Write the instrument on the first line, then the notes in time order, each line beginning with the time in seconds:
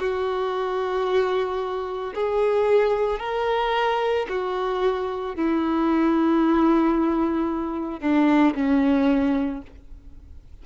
violin
0.00 F#4
2.15 G#4
3.20 A#4
4.29 F#4
5.36 E4
8.01 D4
8.55 C#4